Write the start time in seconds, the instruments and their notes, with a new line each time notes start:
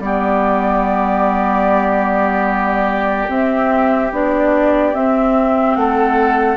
0.00 bassoon G3, clarinet B3, oboe G4, flute D5
3.28 clarinet C4, bassoon C4, flute E5
4.12 bassoon B3, clarinet D4, flute D5
4.94 clarinet C4, bassoon C4, flute E5
5.76 bassoon A3, oboe A4, flute F#5